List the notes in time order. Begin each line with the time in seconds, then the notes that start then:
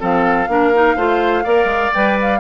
0.00 F3 C4 A4 F5
0.48 A#3 D4 A#4
0.74 D#4
0.96 A3 F4 C5
1.44 A#3 A#4 D5
1.65 G#3
1.94 G3 B4 G5
2.22 F5